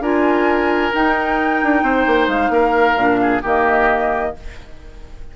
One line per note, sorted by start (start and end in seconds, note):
0.00 0.91 D4
0.00 0.92 F4
0.00 1.83 A#4
0.00 0.93 G#5
0.92 2.96 D#4
0.92 1.62 D#4
0.92 2.28 G5
1.63 1.82 D4
1.82 2.05 C4
1.82 2.52 C5
2.06 2.28 A#3
2.28 2.49 G#3
2.28 3.41 F5
2.49 2.94 A#3
2.49 3.20 A#4
2.96 3.41 A#2
2.96 3.43 D4
3.21 3.42 G#4
3.42 4.35 D#3
3.42 4.35 A#3
3.42 4.33 G4
3.42 4.36 D#5